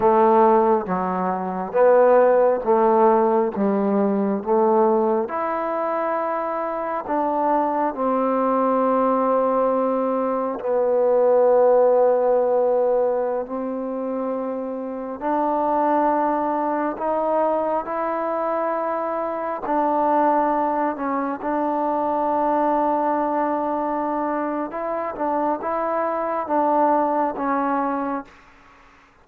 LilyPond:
\new Staff \with { instrumentName = "trombone" } { \time 4/4 \tempo 4 = 68 a4 fis4 b4 a4 | g4 a4 e'2 | d'4 c'2. | b2.~ b16 c'8.~ |
c'4~ c'16 d'2 dis'8.~ | dis'16 e'2 d'4. cis'16~ | cis'16 d'2.~ d'8. | e'8 d'8 e'4 d'4 cis'4 | }